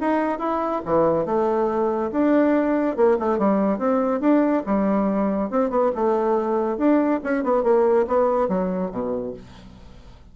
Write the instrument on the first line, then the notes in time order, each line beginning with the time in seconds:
bassoon
0.00 D#4
0.39 E4
0.85 E3
1.25 A3
2.11 D4
2.96 A#3
3.19 A3
3.38 G3
3.78 C4
4.20 D4
4.66 G3
5.50 C4
5.70 B3
5.95 A3
6.77 D4
7.23 C#4
7.43 B3
7.63 A#3
8.07 B3
8.48 F#3
8.91 B2